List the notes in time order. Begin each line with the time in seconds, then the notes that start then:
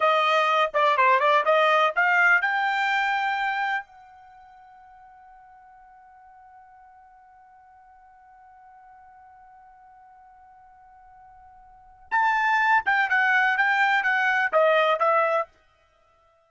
0.00 D#5
0.73 D5
0.97 C5
1.19 D5
1.45 D#5
1.95 F5
2.41 G5
3.85 F#5
12.11 A5
12.85 G5
13.09 F#5
13.57 G5
14.03 F#5
14.52 D#5
14.99 E5